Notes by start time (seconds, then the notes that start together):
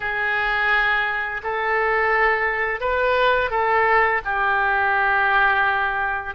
0.00 G#4
1.43 A4
2.80 B4
3.50 A4
4.24 G4